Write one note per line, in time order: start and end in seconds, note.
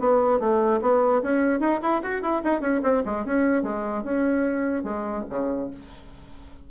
0.00 0.40 B3
0.40 0.81 A3
0.82 1.22 B3
1.23 1.60 C#4
1.60 1.81 D#4
1.82 2.02 E4
2.03 2.22 F#4
2.22 2.42 E4
2.44 2.61 D#4
2.61 2.81 C#4
2.83 3.04 C4
3.06 3.25 G#3
3.25 3.63 C#4
3.63 4.04 G#3
4.04 4.84 C#4
4.84 5.24 G#3
5.30 5.71 C#3